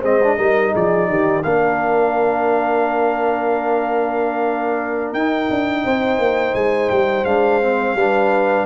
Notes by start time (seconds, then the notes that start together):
0.00 G#3 C4 C5 D#5
0.23 D4
0.37 G3 D#4 A#4
0.73 F3 G#4 D5
1.08 D#3 G4
1.43 A#3 D4 A#4 F5
5.13 D#4 G5
5.50 D4
5.84 C4 C5
6.19 A#3
6.54 G#3 G#5
6.90 G3 G5
7.25 G#3 D4 F5
7.61 C4
7.94 G3 D4 B4